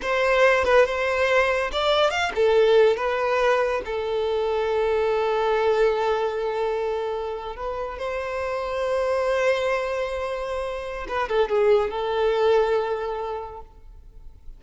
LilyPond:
\new Staff \with { instrumentName = "violin" } { \time 4/4 \tempo 4 = 141 c''4. b'8 c''2 | d''4 f''8 a'4. b'4~ | b'4 a'2.~ | a'1~ |
a'4.~ a'16 b'4 c''4~ c''16~ | c''1~ | c''2 b'8 a'8 gis'4 | a'1 | }